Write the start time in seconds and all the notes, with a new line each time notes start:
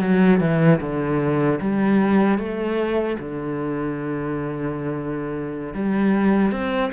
0.00 F#3
0.40 E3
0.80 D3
1.60 G3
2.38 A3
3.19 D3
5.74 G3
6.51 C4